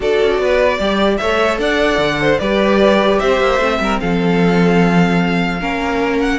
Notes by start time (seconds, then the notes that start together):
0.00 D4 F#4 A4 D5
0.22 C#4
0.38 B3 B4
0.77 G3 G4 D5
1.17 A3 A4 C#5 E5
1.58 D4 D5 F#5
1.98 D3
2.20 C5
2.39 G3 G4 B4 D5
3.19 C4 C5 E5
3.40 A#3
3.58 A3 C4
3.79 G3 A#4
4.00 F3 A4 F5
5.60 A#3 C#4 A#4
6.20 F#5